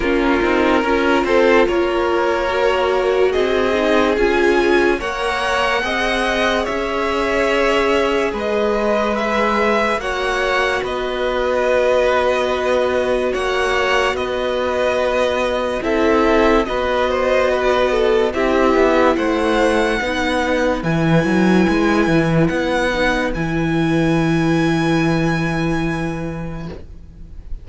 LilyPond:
<<
  \new Staff \with { instrumentName = "violin" } { \time 4/4 \tempo 4 = 72 ais'4. c''8 cis''2 | dis''4 gis''4 fis''2 | e''2 dis''4 e''4 | fis''4 dis''2. |
fis''4 dis''2 e''4 | dis''2 e''4 fis''4~ | fis''4 gis''2 fis''4 | gis''1 | }
  \new Staff \with { instrumentName = "violin" } { \time 4/4 f'4 ais'8 a'8 ais'2 | gis'2 cis''4 dis''4 | cis''2 b'2 | cis''4 b'2. |
cis''4 b'2 a'4 | b'8 c''8 b'8 a'8 g'4 c''4 | b'1~ | b'1 | }
  \new Staff \with { instrumentName = "viola" } { \time 4/4 cis'8 dis'8 f'2 fis'4~ | fis'8 dis'8 f'4 ais'4 gis'4~ | gis'1 | fis'1~ |
fis'2. e'4 | fis'2 e'2 | dis'4 e'2~ e'8 dis'8 | e'1 | }
  \new Staff \with { instrumentName = "cello" } { \time 4/4 ais8 c'8 cis'8 c'8 ais2 | c'4 cis'4 ais4 c'4 | cis'2 gis2 | ais4 b2. |
ais4 b2 c'4 | b2 c'8 b8 a4 | b4 e8 fis8 gis8 e8 b4 | e1 | }
>>